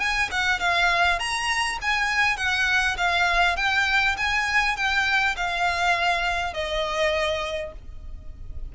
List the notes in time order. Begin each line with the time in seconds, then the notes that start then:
0.00 G#5
0.32 F#5
0.60 F5
1.20 A#5
1.82 G#5
2.37 F#5
2.98 F5
3.57 G5
4.18 G#5
4.77 G5
5.37 F5
6.54 D#5